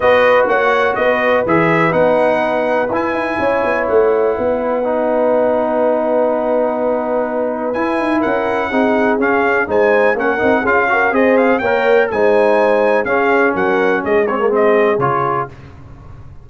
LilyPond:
<<
  \new Staff \with { instrumentName = "trumpet" } { \time 4/4 \tempo 4 = 124 dis''4 fis''4 dis''4 e''4 | fis''2 gis''2 | fis''1~ | fis''1 |
gis''4 fis''2 f''4 | gis''4 fis''4 f''4 dis''8 f''8 | g''4 gis''2 f''4 | fis''4 dis''8 cis''8 dis''4 cis''4 | }
  \new Staff \with { instrumentName = "horn" } { \time 4/4 b'4 cis''4 b'2~ | b'2. cis''4~ | cis''4 b'2.~ | b'1~ |
b'4 ais'4 gis'2 | c''4 ais'4 gis'8 ais'8 c''4 | cis''4 c''2 gis'4 | ais'4 gis'2. | }
  \new Staff \with { instrumentName = "trombone" } { \time 4/4 fis'2. gis'4 | dis'2 e'2~ | e'2 dis'2~ | dis'1 |
e'2 dis'4 cis'4 | dis'4 cis'8 dis'8 f'8 fis'8 gis'4 | ais'4 dis'2 cis'4~ | cis'4. c'16 ais16 c'4 f'4 | }
  \new Staff \with { instrumentName = "tuba" } { \time 4/4 b4 ais4 b4 e4 | b2 e'8 dis'8 cis'8 b8 | a4 b2.~ | b1 |
e'8 dis'8 cis'4 c'4 cis'4 | gis4 ais8 c'8 cis'4 c'4 | ais4 gis2 cis'4 | fis4 gis2 cis4 | }
>>